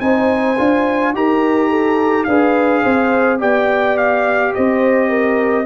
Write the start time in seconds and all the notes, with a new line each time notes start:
0.00 C4 D#4 C5 G#5
0.58 D4 F4
1.13 D#4 G4 A#4 A#5
1.70 A4
2.25 D4 G#4 B4 F5
2.83 C4 C5
3.39 B3 G4 D5 G5
3.97 F5
4.55 C4 C5 D#5
5.09 A#4